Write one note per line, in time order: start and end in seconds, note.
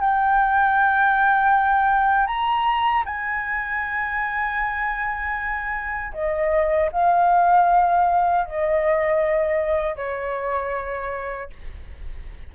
0.00 2.27 G5
2.27 3.04 A#5
3.05 6.13 G#5
6.14 6.91 D#5
6.92 8.46 F5
8.46 9.96 D#5
9.96 11.50 C#5